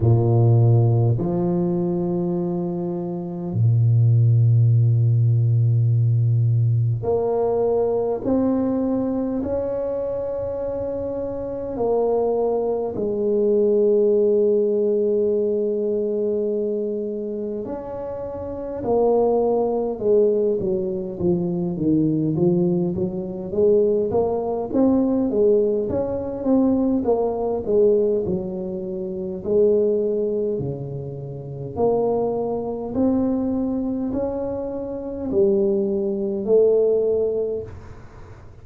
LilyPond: \new Staff \with { instrumentName = "tuba" } { \time 4/4 \tempo 4 = 51 ais,4 f2 ais,4~ | ais,2 ais4 c'4 | cis'2 ais4 gis4~ | gis2. cis'4 |
ais4 gis8 fis8 f8 dis8 f8 fis8 | gis8 ais8 c'8 gis8 cis'8 c'8 ais8 gis8 | fis4 gis4 cis4 ais4 | c'4 cis'4 g4 a4 | }